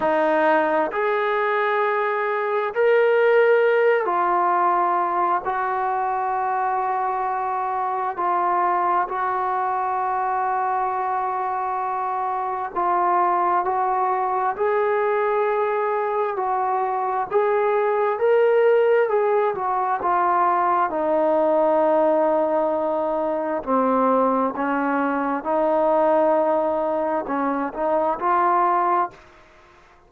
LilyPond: \new Staff \with { instrumentName = "trombone" } { \time 4/4 \tempo 4 = 66 dis'4 gis'2 ais'4~ | ais'8 f'4. fis'2~ | fis'4 f'4 fis'2~ | fis'2 f'4 fis'4 |
gis'2 fis'4 gis'4 | ais'4 gis'8 fis'8 f'4 dis'4~ | dis'2 c'4 cis'4 | dis'2 cis'8 dis'8 f'4 | }